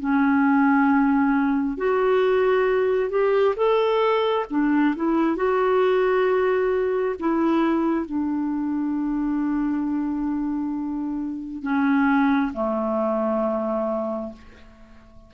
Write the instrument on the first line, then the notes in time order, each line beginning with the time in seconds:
clarinet
0.00 C#4
1.77 F#4
3.10 G4
3.56 A4
4.51 D4
4.96 E4
5.36 F#4
7.19 E4
8.06 D4
11.63 C#4
12.54 A3